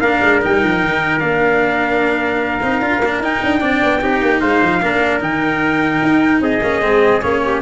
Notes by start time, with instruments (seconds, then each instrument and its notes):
0.00 tuba A#3, cello D4, trumpet A#4 F5
0.21 tuba G#3
0.42 tuba G3, cello D#4, trumpet G5
0.63 tuba F3
0.83 tuba D#3
1.20 tuba A#3, cello D4, trumpet F5
2.62 tuba C4, cello D#4
2.81 tuba D4, cello F4
2.99 tuba A#3, cello D4
3.19 tuba D#4, cello D#4, trumpet G5
3.43 tuba D4
3.61 tuba C4, cello D4, trumpet D5
3.83 tuba B3
4.01 tuba C4, cello D#4, trumpet G4
4.22 tuba A#3
4.40 tuba G#3, trumpet C5 F5
4.63 tuba F3
4.83 tuba A#3, cello D4, trumpet A#4
5.20 tuba D#3, cello D#4, trumpet G5
6.03 tuba D#4
6.41 tuba C4, trumpet G#4 D#5
6.62 tuba A#3, cello C#4
6.82 tuba G#3, cello C4
7.22 tuba A#3, cello C#4, trumpet C#5
7.45 trumpet G4